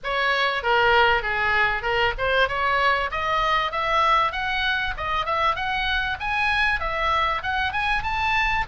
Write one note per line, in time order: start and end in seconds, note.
0.03 0.62 C#5
0.62 1.22 A#4
1.22 1.82 G#4
1.82 2.13 A#4
2.18 2.48 C5
2.48 3.10 C#5
3.11 3.71 D#5
3.71 4.32 E5
4.32 4.93 F#5
4.97 5.25 D#5
5.25 5.55 E5
5.55 6.17 F#5
6.20 6.80 G#5
6.80 7.42 E5
7.42 7.72 F#5
7.72 8.02 G#5
8.02 8.64 A5